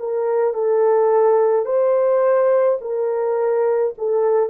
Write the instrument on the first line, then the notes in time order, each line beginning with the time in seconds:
horn
0.00 A#4
0.55 A4
1.66 C5
2.81 A#4
3.98 A4